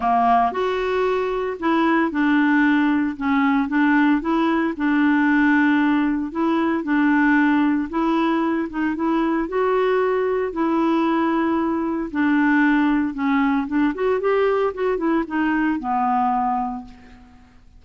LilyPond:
\new Staff \with { instrumentName = "clarinet" } { \time 4/4 \tempo 4 = 114 ais4 fis'2 e'4 | d'2 cis'4 d'4 | e'4 d'2. | e'4 d'2 e'4~ |
e'8 dis'8 e'4 fis'2 | e'2. d'4~ | d'4 cis'4 d'8 fis'8 g'4 | fis'8 e'8 dis'4 b2 | }